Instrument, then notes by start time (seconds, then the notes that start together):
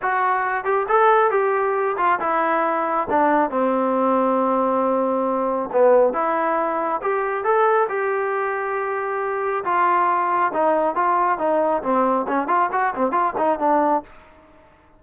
trombone
0.02 F#4
0.64 G4
0.88 A4
1.30 G4
1.97 F4
2.20 E4
3.10 D4
3.50 C4
5.72 B3
6.13 E4
7.02 G4
7.44 A4
7.89 G4
9.64 F4
10.53 D#4
10.95 F4
11.38 D#4
11.82 C4
12.28 C#4
12.47 F4
12.71 F#4
12.95 C4
13.11 F4
13.37 D#4
13.59 D4